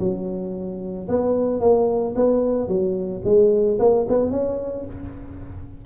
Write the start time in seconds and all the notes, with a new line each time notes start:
0.00 F#3
1.09 B3
1.61 A#3
2.16 B3
2.68 F#3
3.25 G#3
3.80 A#3
4.09 B3
4.31 C#4